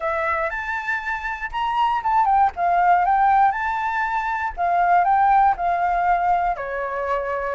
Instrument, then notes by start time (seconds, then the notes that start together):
flute
0.00 E5
0.50 A5
1.51 A#5
2.03 A5
2.25 G5
2.56 F5
3.05 G5
3.51 A5
4.56 F5
5.04 G5
5.56 F5
6.56 C#5